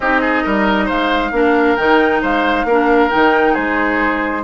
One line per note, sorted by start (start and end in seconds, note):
0.00 0.44 C4
0.00 1.33 D#4
0.00 0.21 G4
0.00 0.88 D#5
0.21 0.43 G#4
0.43 0.90 G3
0.43 0.85 A#4
0.85 1.31 G#3
0.85 1.30 C5
0.85 1.76 F5
1.31 1.76 A#3
1.31 1.77 D4
1.31 2.21 A#4
1.76 2.22 D#3
1.76 2.67 D#4
1.76 2.20 G5
2.21 2.64 G#3
2.21 2.66 C5
2.21 3.10 F5
2.64 3.08 A#3
2.64 3.52 A#4
2.70 3.10 D4
3.10 3.56 D#3
3.10 4.43 D#4
3.10 3.54 G5
3.52 4.43 G#3
3.52 4.41 G#4
3.52 4.43 C5